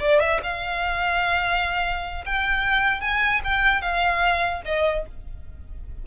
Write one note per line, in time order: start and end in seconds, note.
0.00 0.20 D5
0.20 0.40 E5
0.43 2.25 F5
2.26 3.01 G5
3.01 3.41 G#5
3.44 3.82 G5
3.82 4.62 F5
4.66 5.06 D#5